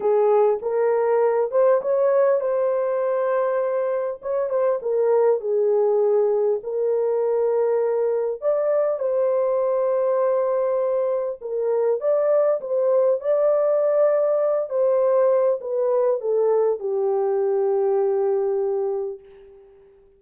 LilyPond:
\new Staff \with { instrumentName = "horn" } { \time 4/4 \tempo 4 = 100 gis'4 ais'4. c''8 cis''4 | c''2. cis''8 c''8 | ais'4 gis'2 ais'4~ | ais'2 d''4 c''4~ |
c''2. ais'4 | d''4 c''4 d''2~ | d''8 c''4. b'4 a'4 | g'1 | }